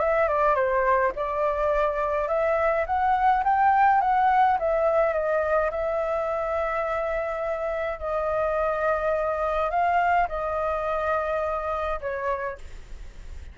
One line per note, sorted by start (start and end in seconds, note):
0.00 0.28 E5
0.28 0.55 D5
0.55 1.12 C5
1.16 2.29 D5
2.29 2.86 E5
2.87 3.44 F#5
3.44 4.01 G5
4.01 4.58 F#5
4.60 5.14 E5
5.14 5.71 D#5
5.71 8.00 E5
8.00 9.71 D#5
9.71 10.28 F5
10.29 12.00 D#5
12.01 12.58 C#5